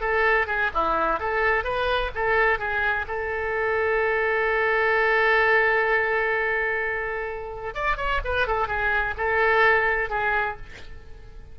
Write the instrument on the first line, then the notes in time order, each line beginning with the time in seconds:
oboe
0.00 A4
0.46 G#4
0.74 E4
1.19 A4
1.63 B4
2.14 A4
2.58 G#4
3.07 A4
7.74 D5
7.96 C#5
8.24 B4
8.47 A4
8.67 G#4
9.17 A4
10.09 G#4